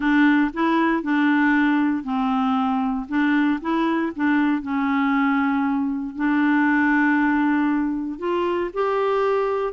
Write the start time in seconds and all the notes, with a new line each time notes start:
0.00 D4
0.53 E4
1.02 D4
2.03 C4
3.08 D4
3.61 E4
4.15 D4
4.62 C#4
6.15 D4
8.19 F4
8.73 G4